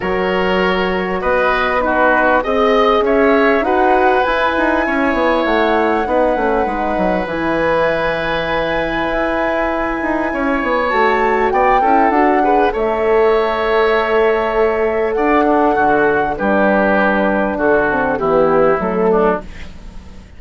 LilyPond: <<
  \new Staff \with { instrumentName = "flute" } { \time 4/4 \tempo 4 = 99 cis''2 dis''4 b'4 | dis''4 e''4 fis''4 gis''4~ | gis''4 fis''2. | gis''1~ |
gis''2 a''4 g''4 | fis''4 e''2.~ | e''4 fis''2 b'4~ | b'4 a'4 g'4 a'4 | }
  \new Staff \with { instrumentName = "oboe" } { \time 4/4 ais'2 b'4 fis'4 | dis''4 cis''4 b'2 | cis''2 b'2~ | b'1~ |
b'4 cis''2 d''8 a'8~ | a'8 b'8 cis''2.~ | cis''4 d''8 d'8 fis'4 g'4~ | g'4 fis'4 e'4. d'8 | }
  \new Staff \with { instrumentName = "horn" } { \time 4/4 fis'2. dis'4 | gis'2 fis'4 e'4~ | e'2 dis'8 cis'8 dis'4 | e'1~ |
e'2 fis'4. e'8 | fis'8 gis'8 a'2.~ | a'2. d'4~ | d'4. c'8 b4 a4 | }
  \new Staff \with { instrumentName = "bassoon" } { \time 4/4 fis2 b2 | c'4 cis'4 dis'4 e'8 dis'8 | cis'8 b8 a4 b8 a8 gis8 fis8 | e2. e'4~ |
e'8 dis'8 cis'8 b8 a4 b8 cis'8 | d'4 a2.~ | a4 d'4 d4 g4~ | g4 d4 e4 fis4 | }
>>